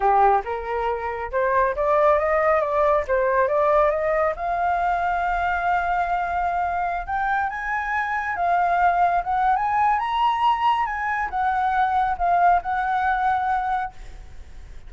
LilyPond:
\new Staff \with { instrumentName = "flute" } { \time 4/4 \tempo 4 = 138 g'4 ais'2 c''4 | d''4 dis''4 d''4 c''4 | d''4 dis''4 f''2~ | f''1~ |
f''16 g''4 gis''2 f''8.~ | f''4~ f''16 fis''8. gis''4 ais''4~ | ais''4 gis''4 fis''2 | f''4 fis''2. | }